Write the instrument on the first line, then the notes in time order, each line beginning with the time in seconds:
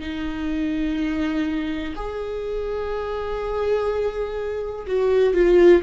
viola
0.00 D#4
1.96 G#4
4.86 F#4
5.34 F4